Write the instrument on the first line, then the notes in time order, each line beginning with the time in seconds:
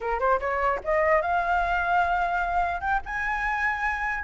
flute
0.00 A#4
0.19 C5
0.39 C#5
0.84 D#5
1.21 F5
2.80 G5
3.05 G#5